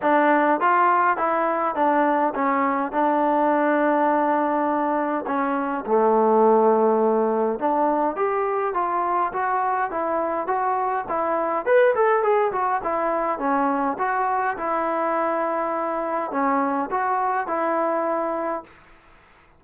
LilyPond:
\new Staff \with { instrumentName = "trombone" } { \time 4/4 \tempo 4 = 103 d'4 f'4 e'4 d'4 | cis'4 d'2.~ | d'4 cis'4 a2~ | a4 d'4 g'4 f'4 |
fis'4 e'4 fis'4 e'4 | b'8 a'8 gis'8 fis'8 e'4 cis'4 | fis'4 e'2. | cis'4 fis'4 e'2 | }